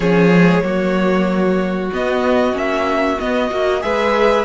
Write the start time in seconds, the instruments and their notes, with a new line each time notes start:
0.00 cello F3, viola C#4, violin G#4 C#5
0.32 viola G#3
0.62 cello F#3, viola A#3, violin F#4
1.92 viola B3, cello B3, violin D#5
2.53 cello A#3, viola C#4, violin E5
3.19 viola B3, cello B3, violin D#5
3.50 cello A#3, viola F#4
3.81 cello G#3, viola G#4, violin B4 E5